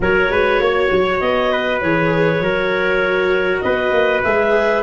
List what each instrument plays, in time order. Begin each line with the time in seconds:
0.00 tuba F#3, viola F#4, trumpet A#4, clarinet C#5
0.29 tuba G#3, trumpet B4
0.60 tuba A#3, trumpet C#5
0.91 tuba F#3
1.20 tuba B3, clarinet D#5
1.52 trumpet B4
1.80 tuba E3, viola G#4, clarinet C#5
2.40 tuba F#3, viola F#4, trumpet A#4
3.60 tuba B3, trumpet B4, clarinet D#5
3.91 tuba A#3
4.23 tuba G#3, viola G#4, clarinet E5